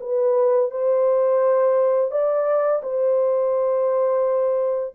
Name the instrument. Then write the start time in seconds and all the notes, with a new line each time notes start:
horn
0.00 B4
0.71 C5
2.11 D5
2.83 C5